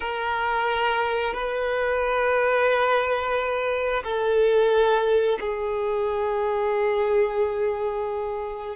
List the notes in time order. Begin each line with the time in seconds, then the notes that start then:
0.00 A#4
1.33 B4
4.03 A4
5.39 G#4